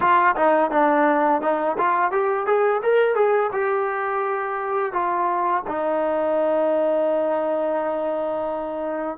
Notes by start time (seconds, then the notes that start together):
0.00 F4
0.36 D#4
0.71 D4
1.41 D#4
1.77 F4
2.11 G4
2.46 G#4
2.82 A#4
3.15 G#4
3.52 G4
4.92 F4
5.67 D#4